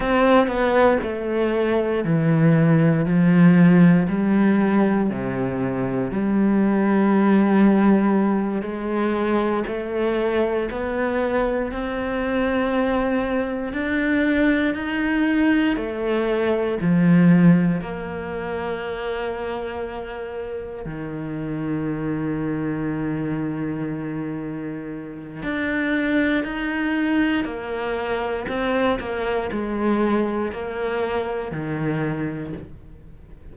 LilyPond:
\new Staff \with { instrumentName = "cello" } { \time 4/4 \tempo 4 = 59 c'8 b8 a4 e4 f4 | g4 c4 g2~ | g8 gis4 a4 b4 c'8~ | c'4. d'4 dis'4 a8~ |
a8 f4 ais2~ ais8~ | ais8 dis2.~ dis8~ | dis4 d'4 dis'4 ais4 | c'8 ais8 gis4 ais4 dis4 | }